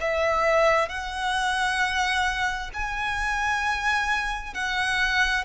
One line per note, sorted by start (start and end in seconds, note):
0.00 0.88 E5
0.88 2.70 F#5
2.73 4.54 G#5
4.54 5.44 F#5